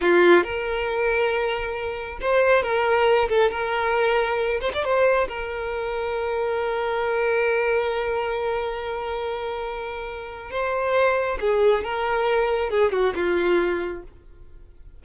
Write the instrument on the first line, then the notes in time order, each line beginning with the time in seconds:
violin
0.01 F4
0.43 A#4
2.21 C5
2.63 A#4
3.28 A4
3.50 A#4
4.60 C5
4.73 D5
4.84 C5
5.28 A#4
10.50 C5
11.40 G#4
11.84 A#4
12.70 G#4
12.92 F#4
13.15 F4